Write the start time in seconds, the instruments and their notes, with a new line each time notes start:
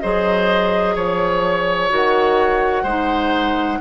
0.00 bassoon F#3, clarinet G#4, oboe C5, flute D#5
0.95 bassoon F3, oboe C#5, flute C#5
1.89 bassoon D#3, clarinet F#4, flute F#5
2.83 bassoon G#3, clarinet D#4, oboe C5